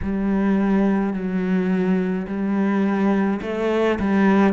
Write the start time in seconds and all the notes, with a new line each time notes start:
0.02 G3
1.13 F#3
2.27 G3
3.42 A3
3.99 G3